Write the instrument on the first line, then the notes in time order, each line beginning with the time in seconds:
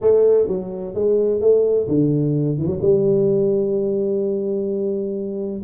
tuba
0.01 A3
0.47 F#3
0.94 G#3
1.40 A3
1.88 D3
2.57 E3
2.67 F#3
2.81 G3